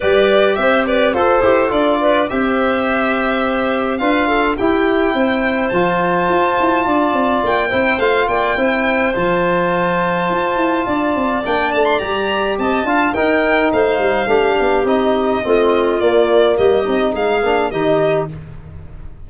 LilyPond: <<
  \new Staff \with { instrumentName = "violin" } { \time 4/4 \tempo 4 = 105 d''4 e''8 d''8 c''4 d''4 | e''2. f''4 | g''2 a''2~ | a''4 g''4 f''8 g''4. |
a''1 | g''8 a''16 c'''16 ais''4 a''4 g''4 | f''2 dis''2 | d''4 dis''4 f''4 dis''4 | }
  \new Staff \with { instrumentName = "clarinet" } { \time 4/4 b'4 c''8 b'8 a'4. b'8 | c''2. b'8 a'8 | g'4 c''2. | d''4. c''4 d''8 c''4~ |
c''2. d''4~ | d''2 dis''8 f''8 ais'4 | c''4 g'2 f'4~ | f'4 g'4 gis'4 g'4 | }
  \new Staff \with { instrumentName = "trombone" } { \time 4/4 g'2 a'8 g'8 f'4 | g'2. f'4 | e'2 f'2~ | f'4. e'8 f'4 e'4 |
f'1 | d'4 g'4. f'8 dis'4~ | dis'4 d'4 dis'4 c'4 | ais4. dis'4 d'8 dis'4 | }
  \new Staff \with { instrumentName = "tuba" } { \time 4/4 g4 c'4 f'8 e'8 d'4 | c'2. d'4 | e'4 c'4 f4 f'8 e'8 | d'8 c'8 ais8 c'8 a8 ais8 c'4 |
f2 f'8 e'8 d'8 c'8 | ais8 a8 g4 c'8 d'8 dis'4 | a8 g8 a8 b8 c'4 a4 | ais4 g8 c'8 gis8 ais8 dis4 | }
>>